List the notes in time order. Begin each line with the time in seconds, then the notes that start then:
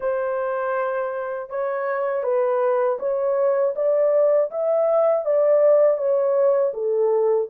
0.00 C5
1.49 C#5
2.23 B4
2.99 C#5
3.75 D5
4.50 E5
5.25 D5
5.97 C#5
6.73 A4